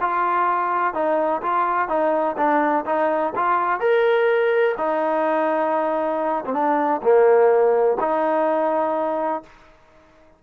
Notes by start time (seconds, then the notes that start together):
0.00 F4
0.94 D#4
1.42 F4
1.88 D#4
2.37 D4
2.85 D#4
3.35 F4
3.80 A#4
4.77 D#4
6.45 C4
6.53 D4
7.02 A#3
8.00 D#4